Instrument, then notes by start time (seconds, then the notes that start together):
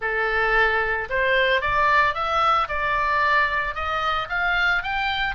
oboe
0.01 A4
1.09 C5
1.61 D5
2.14 E5
2.68 D5
3.74 D#5
4.29 F5
4.82 G5